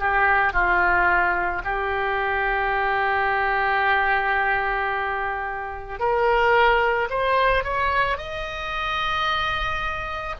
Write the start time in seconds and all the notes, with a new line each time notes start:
0.00 G4
0.53 F4
1.65 G4
6.00 A#4
7.10 C5
7.64 C#5
8.18 D#5